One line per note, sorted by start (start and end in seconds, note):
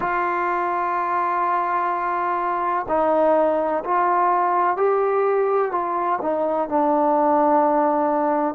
0.00 2.86 F4
2.88 3.84 D#4
3.84 4.77 F4
4.77 5.71 G4
5.71 6.19 F4
6.21 6.68 D#4
6.68 8.55 D4